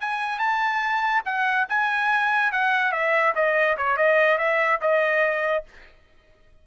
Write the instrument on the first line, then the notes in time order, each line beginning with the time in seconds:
trumpet
0.00 G#5
0.39 A5
1.25 F#5
1.69 G#5
2.52 F#5
2.91 E5
3.35 D#5
3.77 C#5
3.97 D#5
4.38 E5
4.81 D#5